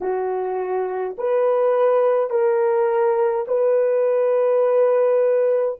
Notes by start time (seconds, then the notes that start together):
0.00 F#4
1.18 B4
2.30 A#4
3.47 B4